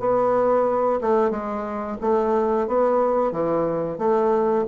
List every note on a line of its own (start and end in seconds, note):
0.00 1.00 B3
1.01 1.31 A3
1.31 1.97 G#3
2.01 2.67 A3
2.67 3.32 B3
3.32 3.98 E3
3.98 4.65 A3